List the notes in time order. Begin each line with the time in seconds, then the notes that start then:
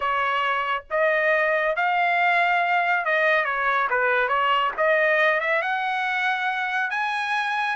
0.00 C#5
0.90 D#5
1.75 F5
3.05 D#5
3.44 C#5
3.90 B4
4.28 C#5
4.77 D#5
5.40 E5
5.62 F#5
6.90 G#5